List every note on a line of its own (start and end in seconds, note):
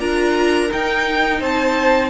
0.00 0.71 D4
0.00 0.69 F4
0.00 1.40 A#4
0.00 0.71 A#5
0.69 2.10 D#4
0.69 1.40 D#4
0.69 1.42 G5
1.40 2.10 C4
1.40 2.10 C5
1.40 2.10 A5